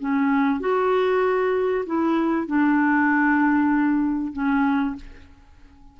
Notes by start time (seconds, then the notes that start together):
0.00 C#4
0.60 F#4
1.86 E4
2.47 D4
4.33 C#4